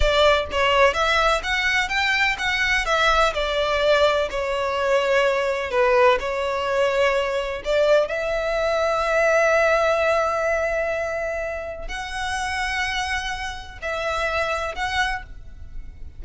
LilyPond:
\new Staff \with { instrumentName = "violin" } { \time 4/4 \tempo 4 = 126 d''4 cis''4 e''4 fis''4 | g''4 fis''4 e''4 d''4~ | d''4 cis''2. | b'4 cis''2. |
d''4 e''2.~ | e''1~ | e''4 fis''2.~ | fis''4 e''2 fis''4 | }